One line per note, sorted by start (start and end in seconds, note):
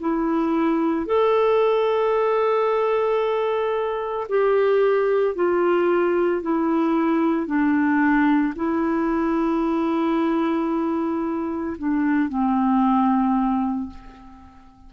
0.00 1.06 E4
1.06 4.27 A4
4.29 5.35 G4
5.35 6.42 F4
6.42 7.47 E4
7.47 8.54 D4
8.55 11.77 E4
11.78 12.29 D4
12.29 13.89 C4